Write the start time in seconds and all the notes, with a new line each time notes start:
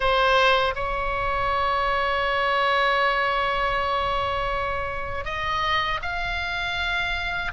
0.00 C5
0.75 C#5
5.25 D#5
6.02 F5